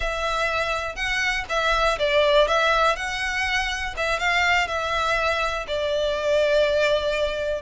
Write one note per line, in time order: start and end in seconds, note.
0.00 0.95 E5
0.95 1.44 F#5
1.49 1.98 E5
1.99 2.47 D5
2.47 2.96 E5
2.96 3.94 F#5
3.96 4.19 E5
4.19 4.67 F5
4.67 5.66 E5
5.67 7.61 D5